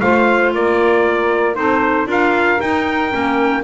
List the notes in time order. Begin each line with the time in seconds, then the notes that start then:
0.00 A3 F4 C5 F5
0.54 A#3 A#4 D5
1.55 C4 D#4 A4 C5
2.06 D4 F4 A#4 F5
2.60 D#4 G5
3.11 A#3 C#4